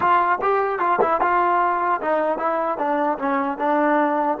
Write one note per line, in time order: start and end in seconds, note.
0.00 0.38 F4
0.41 0.79 G4
0.79 0.99 F4
1.01 1.21 E4
1.21 2.01 F4
2.01 2.38 D#4
2.38 2.78 E4
2.78 3.18 D4
3.18 3.58 C#4
3.58 4.38 D4